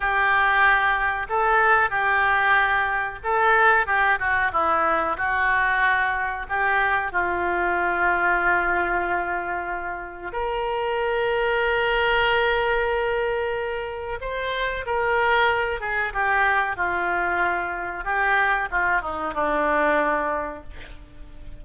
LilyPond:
\new Staff \with { instrumentName = "oboe" } { \time 4/4 \tempo 4 = 93 g'2 a'4 g'4~ | g'4 a'4 g'8 fis'8 e'4 | fis'2 g'4 f'4~ | f'1 |
ais'1~ | ais'2 c''4 ais'4~ | ais'8 gis'8 g'4 f'2 | g'4 f'8 dis'8 d'2 | }